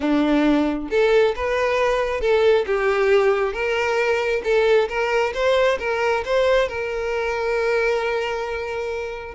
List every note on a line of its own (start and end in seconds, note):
0.00 0.89 D4
0.90 1.34 A4
1.35 2.20 B4
2.20 2.65 A4
2.66 3.53 G4
3.53 4.42 A#4
4.43 4.88 A4
4.88 5.33 A#4
5.34 5.78 C5
5.79 6.23 A#4
6.25 6.68 C5
6.68 9.35 A#4